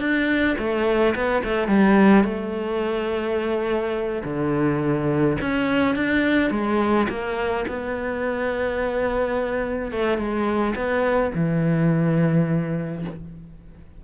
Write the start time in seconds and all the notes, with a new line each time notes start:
0.00 D4
0.58 A3
1.15 B3
1.45 A3
1.68 G3
2.25 A3
4.24 D3
5.41 C#4
5.96 D4
6.51 G#3
7.09 A#3
7.68 B3
9.92 A3
10.18 G#3
10.76 B3
11.35 E3